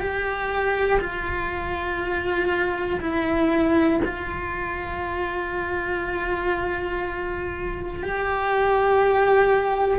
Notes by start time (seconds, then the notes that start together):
0.00 G4
1.00 F4
3.01 E4
4.05 F4
8.03 G4